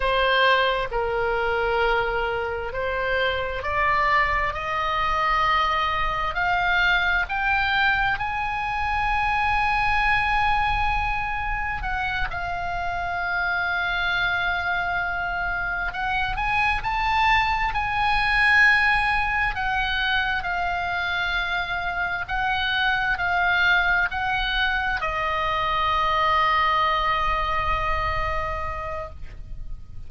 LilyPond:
\new Staff \with { instrumentName = "oboe" } { \time 4/4 \tempo 4 = 66 c''4 ais'2 c''4 | d''4 dis''2 f''4 | g''4 gis''2.~ | gis''4 fis''8 f''2~ f''8~ |
f''4. fis''8 gis''8 a''4 gis''8~ | gis''4. fis''4 f''4.~ | f''8 fis''4 f''4 fis''4 dis''8~ | dis''1 | }